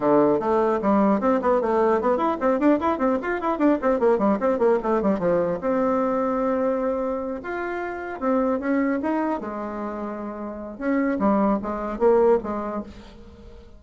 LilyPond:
\new Staff \with { instrumentName = "bassoon" } { \time 4/4 \tempo 4 = 150 d4 a4 g4 c'8 b8 | a4 b8 e'8 c'8 d'8 e'8 c'8 | f'8 e'8 d'8 c'8 ais8 g8 c'8 ais8 | a8 g8 f4 c'2~ |
c'2~ c'8 f'4.~ | f'8 c'4 cis'4 dis'4 gis8~ | gis2. cis'4 | g4 gis4 ais4 gis4 | }